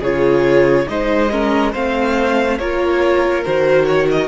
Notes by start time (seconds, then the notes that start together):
0.00 C#3 F4 G#4 C#5
0.87 G#3 D#4 C5 D#5
1.31 C#4 A#4
1.72 A3 C4 C5 F5
2.58 A#3 F4 A#4 C#5
3.45 D#3 F#4 C5
3.86 C#5
4.11 D#5